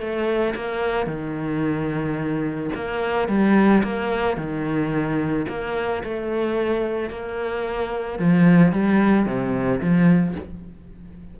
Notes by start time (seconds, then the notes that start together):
0.00 A3
0.56 A#3
1.07 D#3
2.75 A#3
3.29 G3
3.84 A#3
4.37 D#3
5.49 A#3
6.04 A3
7.10 A#3
8.19 F3
8.72 G3
9.26 C3
9.81 F3